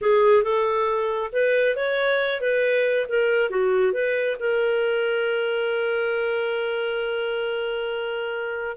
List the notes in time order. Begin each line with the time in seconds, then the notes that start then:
0.01 G#4
0.43 A4
1.32 B4
1.75 C#5
2.40 B4
3.09 A#4
3.50 F#4
3.93 B4
4.39 A#4